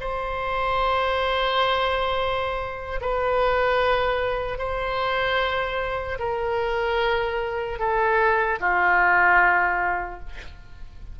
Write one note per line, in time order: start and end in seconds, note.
0.00 3.00 C5
3.01 4.58 B4
4.58 6.18 C5
6.19 7.79 A#4
7.79 8.59 A4
8.60 10.20 F4